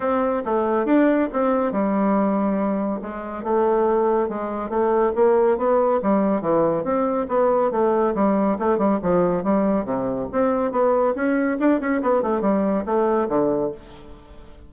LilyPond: \new Staff \with { instrumentName = "bassoon" } { \time 4/4 \tempo 4 = 140 c'4 a4 d'4 c'4 | g2. gis4 | a2 gis4 a4 | ais4 b4 g4 e4 |
c'4 b4 a4 g4 | a8 g8 f4 g4 c4 | c'4 b4 cis'4 d'8 cis'8 | b8 a8 g4 a4 d4 | }